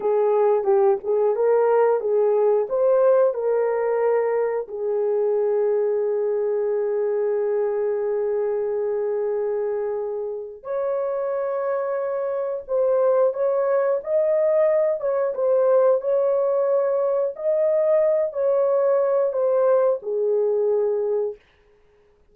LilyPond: \new Staff \with { instrumentName = "horn" } { \time 4/4 \tempo 4 = 90 gis'4 g'8 gis'8 ais'4 gis'4 | c''4 ais'2 gis'4~ | gis'1~ | gis'1 |
cis''2. c''4 | cis''4 dis''4. cis''8 c''4 | cis''2 dis''4. cis''8~ | cis''4 c''4 gis'2 | }